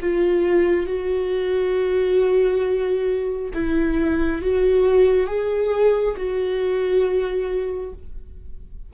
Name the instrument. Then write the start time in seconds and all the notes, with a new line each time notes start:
viola
0.00 F4
0.86 F#4
3.54 E4
4.42 F#4
5.27 G#4
6.16 F#4